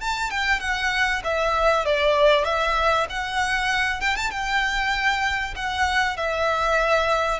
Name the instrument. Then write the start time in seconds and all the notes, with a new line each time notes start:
violin
0.00 A5
0.30 G5
0.60 F#5
1.24 E5
1.85 D5
2.44 E5
3.10 F#5
4.01 G5
4.16 A5
4.30 G5
5.55 F#5
6.17 E5